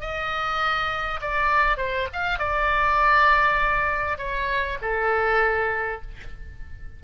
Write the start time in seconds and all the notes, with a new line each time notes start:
0.00 D#5
1.21 D5
1.77 C5
2.12 F5
2.38 D5
4.18 C#5
4.81 A4